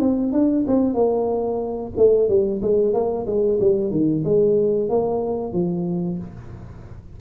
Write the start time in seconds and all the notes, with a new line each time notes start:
0.00 C4
0.33 D4
0.68 C4
0.94 A#3
1.97 A3
2.29 G3
2.62 G#3
2.93 A#3
3.27 G#3
3.60 G3
3.91 D#3
4.25 G#3
4.89 A#3
5.53 F3